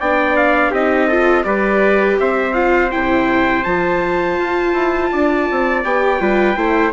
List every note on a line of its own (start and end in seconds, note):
0.00 0.71 B3
0.00 0.75 D4
0.00 0.71 D5
0.00 0.36 G5
0.36 0.73 F5
0.71 1.44 C4
0.71 1.11 D#4
0.71 1.07 G4
0.71 1.44 D#5
1.08 1.43 F4
1.08 1.45 A4
1.43 2.18 G3
1.43 2.53 G4
1.43 2.20 B4
1.43 2.17 D5
2.20 2.93 C4
2.20 5.12 C5
2.20 2.53 E5
2.53 2.90 F4
2.53 2.90 F5
2.91 3.65 C3
2.91 3.64 E4
2.91 3.64 G5
3.64 4.38 F3
3.64 5.84 F4
3.64 5.83 A5
4.38 4.73 F4
4.73 5.10 E4
5.12 5.50 D4
5.12 6.21 D5
5.51 5.84 C4
5.84 6.20 B3
5.84 6.20 G4
5.84 6.93 G5
6.20 6.56 G3
6.20 6.56 F4
6.20 6.56 B4
6.56 6.93 A3
6.56 6.93 E4
6.56 6.93 C5